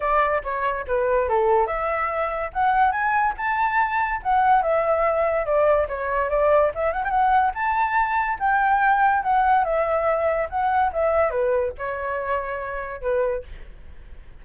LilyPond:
\new Staff \with { instrumentName = "flute" } { \time 4/4 \tempo 4 = 143 d''4 cis''4 b'4 a'4 | e''2 fis''4 gis''4 | a''2 fis''4 e''4~ | e''4 d''4 cis''4 d''4 |
e''8 fis''16 g''16 fis''4 a''2 | g''2 fis''4 e''4~ | e''4 fis''4 e''4 b'4 | cis''2. b'4 | }